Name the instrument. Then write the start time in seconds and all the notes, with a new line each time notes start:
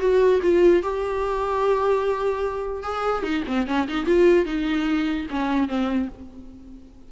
viola
0.00 F#4
0.42 F4
0.83 G4
2.83 G#4
3.23 D#4
3.48 C4
3.67 C#4
3.88 D#4
4.06 F4
4.46 D#4
5.30 C#4
5.68 C4